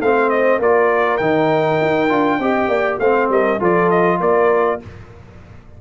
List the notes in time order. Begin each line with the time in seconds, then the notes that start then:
0.00 A3 C4 C5 F5
0.30 D#5
0.59 A#3 F4 A#4 D5
1.18 D#3 D#4 G5
1.81 D#4
2.09 D4 F4
2.39 C4 G4 D#5
2.68 A#3 D5
2.99 A3 C4 C5 F5
3.29 G3 A#4 D#5
3.59 F3 F4 A4 D5
3.90 D#5
4.20 A#3 A#4 D5